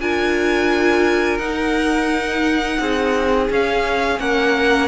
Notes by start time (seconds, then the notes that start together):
0.00 D4 F4 A#4 G#5
1.39 D#4 F#5
2.80 C4 G#4
3.50 C#4 F5
4.20 A#3 A#4 F#5